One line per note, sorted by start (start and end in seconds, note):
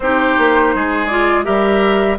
0.00 0.35 C4
0.00 1.10 D#4
0.00 0.75 G4
0.00 1.07 C5
0.38 0.74 A#3
0.74 1.47 G#3
0.74 1.45 G#4
1.07 1.44 F4
1.07 1.43 D5
1.44 2.18 G3
1.44 2.17 G4
1.44 2.18 A#4
1.44 2.17 E5